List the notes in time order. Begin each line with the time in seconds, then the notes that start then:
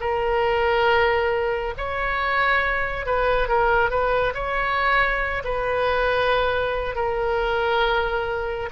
0.00 A#4
1.77 C#5
3.06 B4
3.48 A#4
3.90 B4
4.34 C#5
5.44 B4
6.95 A#4